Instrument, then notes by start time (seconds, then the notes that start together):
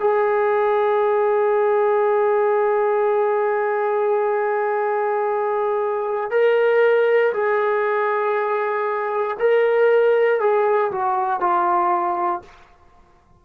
trombone
0.00 G#4
6.31 A#4
7.33 G#4
9.39 A#4
10.40 G#4
10.91 F#4
11.40 F4